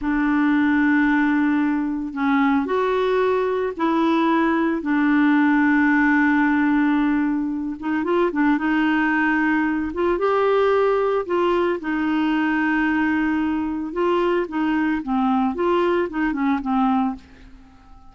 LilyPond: \new Staff \with { instrumentName = "clarinet" } { \time 4/4 \tempo 4 = 112 d'1 | cis'4 fis'2 e'4~ | e'4 d'2.~ | d'2~ d'8 dis'8 f'8 d'8 |
dis'2~ dis'8 f'8 g'4~ | g'4 f'4 dis'2~ | dis'2 f'4 dis'4 | c'4 f'4 dis'8 cis'8 c'4 | }